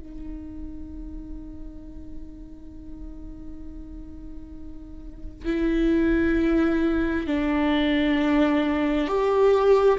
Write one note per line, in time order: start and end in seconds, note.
0.00 5.45 D#4
5.45 7.27 E4
7.27 9.08 D4
9.08 9.99 G4